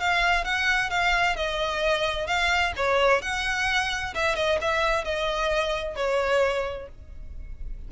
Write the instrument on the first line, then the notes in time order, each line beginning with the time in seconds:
violin
0.00 F5
0.45 F#5
0.90 F5
1.36 D#5
2.27 F5
2.77 C#5
3.22 F#5
4.15 E5
4.36 D#5
4.62 E5
5.05 D#5
5.96 C#5